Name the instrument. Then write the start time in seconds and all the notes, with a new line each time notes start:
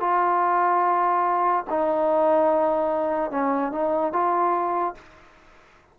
trombone
0.00 F4
1.70 D#4
3.31 C#4
3.72 D#4
4.12 F4